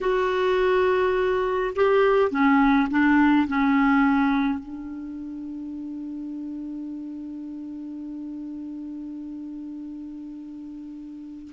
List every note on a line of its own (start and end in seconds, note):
0.00 1.73 F#4
1.75 2.30 G4
2.30 2.88 C#4
2.90 3.47 D4
3.47 4.59 C#4
4.59 11.51 D4